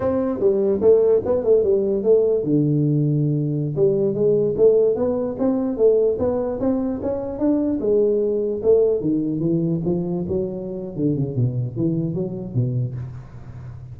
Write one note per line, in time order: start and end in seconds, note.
0.00 0.39 C4
0.39 0.80 G3
0.81 1.21 A3
1.25 1.43 B3
1.43 1.63 A3
1.63 2.03 G3
2.03 2.43 A3
2.43 3.75 D3
3.75 4.14 G3
4.14 4.55 G#3
4.57 4.95 A3
4.95 5.36 B3
5.38 5.77 C4
5.77 6.17 A3
6.18 6.59 B3
6.60 7.00 C4
7.02 7.38 C#4
7.38 7.79 D4
7.80 8.61 G#3
8.62 9.00 A3
9.00 9.39 D#3
9.39 9.80 E3
9.85 10.25 F3
10.28 10.96 F#3
10.96 11.15 D3
11.15 11.35 C#3
11.35 11.76 B2
11.76 12.14 E3
12.14 12.54 F#3
12.54 12.95 B2